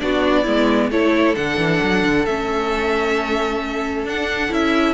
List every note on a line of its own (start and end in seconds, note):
0.00 0.47 B3
0.00 0.46 D4
0.00 0.43 F#4
0.00 0.90 D5
0.43 0.90 G#3
0.43 0.91 B3
0.43 0.88 E4
0.90 1.35 A3
0.90 1.36 E4
0.90 4.94 A4
0.90 1.36 C#5
1.36 1.58 D3
1.36 2.26 D4
1.36 2.26 F#5
1.58 1.81 E3
1.83 2.04 F#3
2.04 2.26 D3
2.26 4.03 A3
2.26 4.06 C#4
2.26 4.06 E5
4.03 4.49 D4
4.03 4.50 D4
4.03 4.54 F#5
4.50 4.94 C#4
4.50 4.94 E4
4.50 4.94 E5